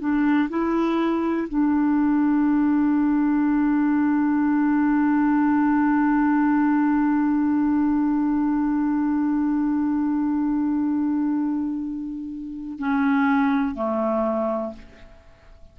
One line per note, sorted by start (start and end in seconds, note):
0.00 0.49 D4
0.50 1.48 E4
1.48 12.79 D4
12.79 13.75 C#4
13.75 14.74 A3